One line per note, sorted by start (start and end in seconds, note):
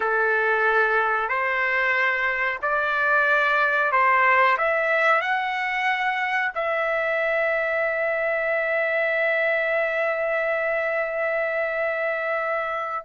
0.00 1.28 A4
1.28 2.59 C5
2.62 3.92 D5
3.92 4.57 C5
4.57 5.21 E5
5.21 6.51 F#5
6.54 13.05 E5